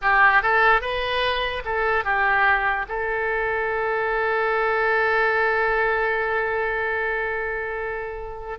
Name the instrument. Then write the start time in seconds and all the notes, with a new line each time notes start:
oboe
0.01 G4
0.42 A4
0.81 B4
1.64 A4
2.04 G4
2.88 A4